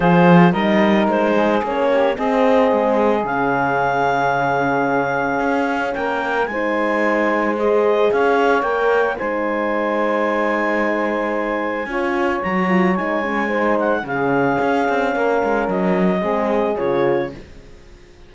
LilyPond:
<<
  \new Staff \with { instrumentName = "clarinet" } { \time 4/4 \tempo 4 = 111 c''4 dis''4 c''4 cis''4 | dis''2 f''2~ | f''2. g''4 | gis''2 dis''4 f''4 |
g''4 gis''2.~ | gis''2. ais''4 | gis''4. fis''8 f''2~ | f''4 dis''2 cis''4 | }
  \new Staff \with { instrumentName = "saxophone" } { \time 4/4 gis'4 ais'4. gis'4 g'8 | gis'1~ | gis'2. ais'4 | c''2. cis''4~ |
cis''4 c''2.~ | c''2 cis''2~ | cis''4 c''4 gis'2 | ais'2 gis'2 | }
  \new Staff \with { instrumentName = "horn" } { \time 4/4 f'4 dis'2 cis'4 | c'2 cis'2~ | cis'1 | dis'2 gis'2 |
ais'4 dis'2.~ | dis'2 f'4 fis'8 f'8 | dis'8 cis'8 dis'4 cis'2~ | cis'2 c'4 f'4 | }
  \new Staff \with { instrumentName = "cello" } { \time 4/4 f4 g4 gis4 ais4 | c'4 gis4 cis2~ | cis2 cis'4 ais4 | gis2. cis'4 |
ais4 gis2.~ | gis2 cis'4 fis4 | gis2 cis4 cis'8 c'8 | ais8 gis8 fis4 gis4 cis4 | }
>>